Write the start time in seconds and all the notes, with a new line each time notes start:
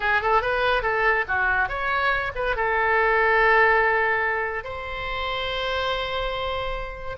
0.00 G#4
0.21 A4
0.41 B4
0.82 A4
1.28 F#4
1.68 C#5
2.35 B4
2.56 A4
4.63 C5